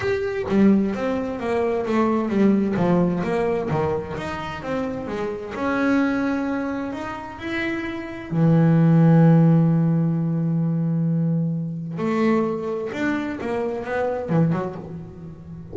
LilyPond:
\new Staff \with { instrumentName = "double bass" } { \time 4/4 \tempo 4 = 130 g'4 g4 c'4 ais4 | a4 g4 f4 ais4 | dis4 dis'4 c'4 gis4 | cis'2. dis'4 |
e'2 e2~ | e1~ | e2 a2 | d'4 ais4 b4 e8 fis8 | }